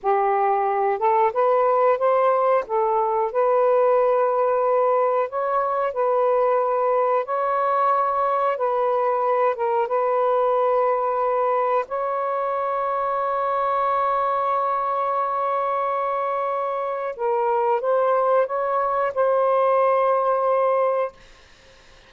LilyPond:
\new Staff \with { instrumentName = "saxophone" } { \time 4/4 \tempo 4 = 91 g'4. a'8 b'4 c''4 | a'4 b'2. | cis''4 b'2 cis''4~ | cis''4 b'4. ais'8 b'4~ |
b'2 cis''2~ | cis''1~ | cis''2 ais'4 c''4 | cis''4 c''2. | }